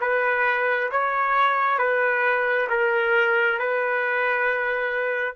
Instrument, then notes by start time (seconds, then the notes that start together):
trumpet
0.00 B4
0.91 C#5
1.78 B4
2.69 A#4
3.58 B4